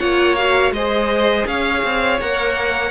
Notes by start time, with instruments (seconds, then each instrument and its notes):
0.00 cello A#3, viola F4, violin C#5 F#5
0.36 viola F#4, violin F5
0.72 cello G#3, violin C5 D#5
0.78 viola G#4
1.47 cello C#4, violin C#5 F5
1.84 cello C4
2.21 cello A#3, viola A#4, violin F#5